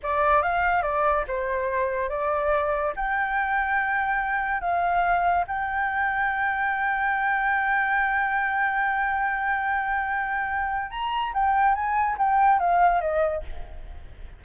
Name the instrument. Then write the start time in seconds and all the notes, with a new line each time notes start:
flute
0.02 D5
0.42 F5
0.82 D5
1.27 C5
2.09 D5
2.96 G5
4.60 F5
5.47 G5
10.90 A#5
11.33 G5
11.74 G#5
12.18 G5
12.59 F5
13.01 D#5